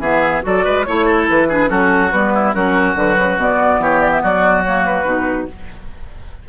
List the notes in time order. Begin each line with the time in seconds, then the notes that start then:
0.00 E3 B3 G#4 E5
0.43 F#3 F#4 A4 D5
0.65 G#3 B4
0.84 A3 E4 C#5
1.06 A4
1.30 E3 B4
1.49 D4 G#4
1.68 F#3 C#4 F#4 A4
2.12 G3 B3 B4
2.35 E4
2.54 F#3 C#4 F#4 A#4
2.96 D3 F#3 B4
3.19 C#3
3.38 B2 B3 D5
3.80 E3 G4 C#5
4.01 D5
4.12 E5
4.23 F#3 F#4 D5
4.64 A#3 C#5
4.85 B4
5.05 B2 D#4